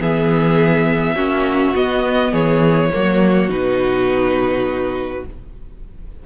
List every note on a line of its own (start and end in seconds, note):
0.00 1.16 E3
0.00 1.16 B3
0.00 1.15 G#4
0.00 1.76 E5
1.15 1.74 A#3
1.15 1.74 C#4
1.15 2.32 F#4
1.75 2.91 B3
1.75 2.33 B3
1.75 2.34 D#5
2.32 2.91 E3
2.32 2.90 G#4
2.32 3.50 C#5
2.93 3.49 F#3
2.93 3.49 A#3
2.93 5.26 F#4
3.49 5.23 B2
3.49 5.24 D#4
3.49 5.25 B4